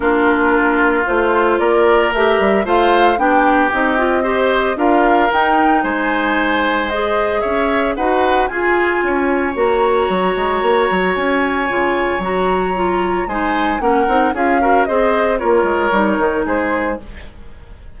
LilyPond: <<
  \new Staff \with { instrumentName = "flute" } { \time 4/4 \tempo 4 = 113 ais'2 c''4 d''4 | e''4 f''4 g''4 dis''4~ | dis''4 f''4 g''4 gis''4~ | gis''4 dis''4 e''4 fis''4 |
gis''2 ais''2~ | ais''4 gis''2 ais''4~ | ais''4 gis''4 fis''4 f''4 | dis''4 cis''2 c''4 | }
  \new Staff \with { instrumentName = "oboe" } { \time 4/4 f'2. ais'4~ | ais'4 c''4 g'2 | c''4 ais'2 c''4~ | c''2 cis''4 b'4 |
gis'4 cis''2.~ | cis''1~ | cis''4 c''4 ais'4 gis'8 ais'8 | c''4 ais'2 gis'4 | }
  \new Staff \with { instrumentName = "clarinet" } { \time 4/4 d'2 f'2 | g'4 f'4 d'4 dis'8 f'8 | g'4 f'4 dis'2~ | dis'4 gis'2 fis'4 |
f'2 fis'2~ | fis'2 f'4 fis'4 | f'4 dis'4 cis'8 dis'8 f'8 fis'8 | gis'4 f'4 dis'2 | }
  \new Staff \with { instrumentName = "bassoon" } { \time 4/4 ais2 a4 ais4 | a8 g8 a4 b4 c'4~ | c'4 d'4 dis'4 gis4~ | gis2 cis'4 dis'4 |
f'4 cis'4 ais4 fis8 gis8 | ais8 fis8 cis'4 cis4 fis4~ | fis4 gis4 ais8 c'8 cis'4 | c'4 ais8 gis8 g8 dis8 gis4 | }
>>